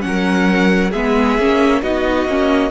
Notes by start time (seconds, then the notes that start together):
0.00 F#3 C#4 F#5
0.07 A#4
0.90 G#3 B3 G#4 E5
1.38 A#3 C#4
1.81 B3 D#4 F#4 D#5
2.25 A#3 C#4